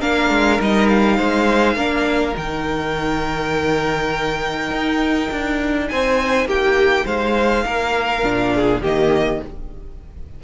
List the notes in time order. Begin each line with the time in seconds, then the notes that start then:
0.00 A#3 D4 A#4 F5
0.30 G#3
0.60 G3 D#4 D#5
0.89 F5
1.17 G#3 C5
1.76 A#3 D4 A#4
2.32 D#3 D#4 G5
4.71 D#4
5.31 D4
5.88 C4 C5 G#5
6.46 A#3 G4 G5
7.06 G#3 C5 F5
7.65 A#3 A#4
8.23 A#2 D4
8.55 G#4
8.81 D#3 A#3 G4 D#5